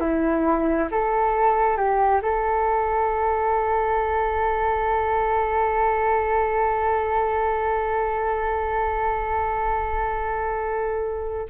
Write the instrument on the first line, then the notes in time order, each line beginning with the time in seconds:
flute
0.00 E4
0.91 A4
1.76 G4
2.22 A4